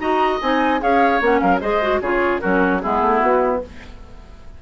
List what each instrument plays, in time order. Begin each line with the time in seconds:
0.00 bassoon D#4, clarinet F#4, oboe D#5, flute A#5
0.42 bassoon C4, clarinet D#4, flute G#5
0.81 bassoon C#4, clarinet G#4, oboe C#5, flute F5
1.21 bassoon A#3, clarinet C#4, flute F#5
1.40 bassoon F#3, oboe A#4, flute F5
1.61 bassoon G#3, clarinet G#4, oboe C5, flute D#5
1.82 clarinet F#4
2.01 bassoon C#3, clarinet F4, oboe G#4, flute C#5
2.40 bassoon F#3, clarinet C#4, oboe F#4, flute A#4
2.81 bassoon G#3, clarinet B3, oboe E4, flute G#4
3.01 bassoon A3
3.20 bassoon B3, flute F#4